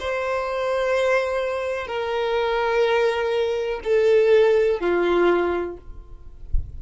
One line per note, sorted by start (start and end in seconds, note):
0.00 1.87 C5
1.87 3.80 A#4
3.84 4.81 A4
4.81 5.78 F4